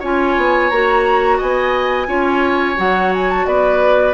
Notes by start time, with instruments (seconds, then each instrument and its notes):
0.00 bassoon C#4, clarinet F4, oboe C#5, flute G#5
0.37 bassoon B3
0.70 bassoon A#3, clarinet F#4, flute A#5
1.38 bassoon B3, oboe D#5, flute G#5
2.07 bassoon C#4, clarinet F4, oboe C#5
2.76 bassoon F#3, clarinet F#4, flute F#5
3.14 flute G#5
3.31 flute A5
3.46 bassoon B3, oboe B4, flute D5